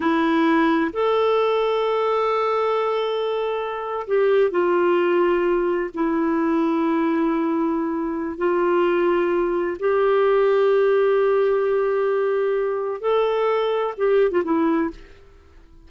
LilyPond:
\new Staff \with { instrumentName = "clarinet" } { \time 4/4 \tempo 4 = 129 e'2 a'2~ | a'1~ | a'8. g'4 f'2~ f'16~ | f'8. e'2.~ e'16~ |
e'2 f'2~ | f'4 g'2.~ | g'1 | a'2 g'8. f'16 e'4 | }